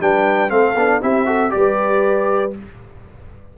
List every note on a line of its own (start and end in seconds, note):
0.00 0.50 G3
0.00 0.49 D4
0.00 0.52 B4
0.00 0.50 G5
0.49 0.75 A3
0.49 0.74 C4
0.49 1.02 A4
0.49 1.00 F5
0.75 1.01 B3
0.75 1.01 D4
1.01 1.53 C4
1.01 1.25 E4
1.01 1.27 G4
1.01 1.51 E5
1.25 1.49 F#4
1.25 1.52 A4
1.49 2.56 G3
1.49 2.50 G4
1.49 2.52 D5
1.56 2.57 B4